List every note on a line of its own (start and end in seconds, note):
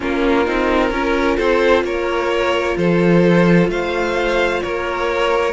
0.00 0.47 A#3
0.00 0.45 C#4
0.00 0.92 F4
0.00 1.37 A#4
0.45 0.90 C4
0.45 0.91 D#4
0.90 1.37 C#4
0.90 5.53 F4
0.90 1.37 A#4
1.37 1.83 C4
1.37 1.83 A4
1.37 1.83 C5
1.83 2.75 A#3
1.83 2.77 A#4
1.83 2.77 C#5
2.77 3.68 F3
2.77 3.70 A4
2.77 3.70 C5
3.68 4.60 A3
3.68 4.63 C5
3.68 4.62 F5
4.62 5.53 A#3
4.62 5.53 A#4
4.62 5.53 C#5